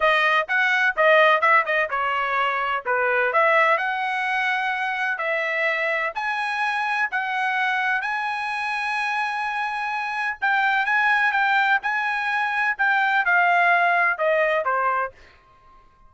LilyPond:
\new Staff \with { instrumentName = "trumpet" } { \time 4/4 \tempo 4 = 127 dis''4 fis''4 dis''4 e''8 dis''8 | cis''2 b'4 e''4 | fis''2. e''4~ | e''4 gis''2 fis''4~ |
fis''4 gis''2.~ | gis''2 g''4 gis''4 | g''4 gis''2 g''4 | f''2 dis''4 c''4 | }